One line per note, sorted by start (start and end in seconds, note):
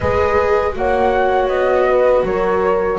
0.00 0.75 G#3
0.00 0.72 G#4
0.00 0.75 B4
0.00 0.73 D#5
0.72 1.47 A#3
0.72 2.97 F#4
0.72 1.89 C#5
0.72 1.48 F#5
1.47 2.22 B3
1.47 2.23 D#5
1.89 2.25 B4
2.23 2.98 F#3
2.23 2.98 A#4
2.23 2.98 C#5